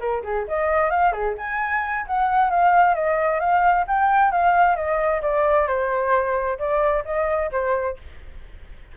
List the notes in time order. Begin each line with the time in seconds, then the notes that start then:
0.00 A#4
0.24 G#4
0.48 D#5
0.90 F5
1.12 G#4
1.38 G#5
2.07 F#5
2.51 F5
2.95 D#5
3.40 F5
3.88 G5
4.32 F5
4.76 D#5
5.22 D5
5.68 C5
6.59 D5
7.05 D#5
7.52 C5